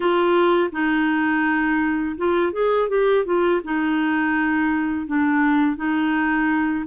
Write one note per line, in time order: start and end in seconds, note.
0.00 0.70 F4
0.72 2.16 D#4
2.17 2.52 F4
2.52 2.88 G#4
2.88 3.25 G4
3.25 3.61 F4
3.63 5.06 D#4
5.06 5.76 D4
5.76 6.84 D#4